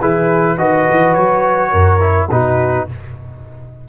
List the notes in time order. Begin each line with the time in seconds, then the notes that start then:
0.00 E3 E4 G#4 B4
0.57 D#3 F#4 B4 D#5
0.90 E3
1.14 F#3 C#5
1.71 F#2 A#4
2.00 E4
2.30 B2 D#4 F#4 B4